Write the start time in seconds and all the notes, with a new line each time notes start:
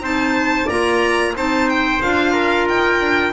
0.00 C4 D#4 C5 A5
0.66 A#3 F4 D5 A#5
1.35 C4 D#4 C5 A5
1.69 G5
2.02 D4 F4 F5
2.32 A#4
2.68 D#4 G5
3.00 D4